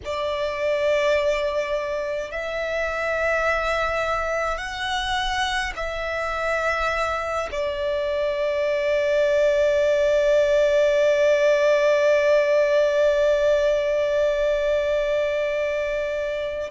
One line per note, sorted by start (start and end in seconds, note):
0.04 2.31 D5
2.31 4.57 E5
4.57 5.73 F#5
5.76 7.49 E5
7.51 16.70 D5